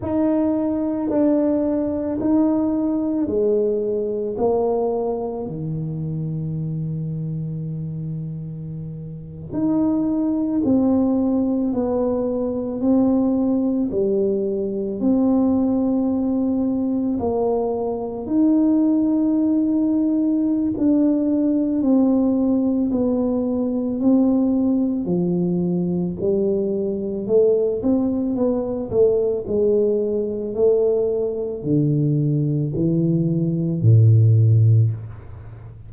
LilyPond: \new Staff \with { instrumentName = "tuba" } { \time 4/4 \tempo 4 = 55 dis'4 d'4 dis'4 gis4 | ais4 dis2.~ | dis8. dis'4 c'4 b4 c'16~ | c'8. g4 c'2 ais16~ |
ais8. dis'2~ dis'16 d'4 | c'4 b4 c'4 f4 | g4 a8 c'8 b8 a8 gis4 | a4 d4 e4 a,4 | }